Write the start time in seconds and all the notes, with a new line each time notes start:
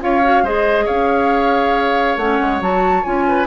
0.00 C#4 F4 C#5 F5
0.24 F#4
0.43 G#3 G#4 C5 D#5
0.85 C#4 C#5 F5
2.17 A3 C#4 F#5
2.41 G#3
2.61 F#3 F#4 A5
3.04 C#4 F4 G#5
3.28 B4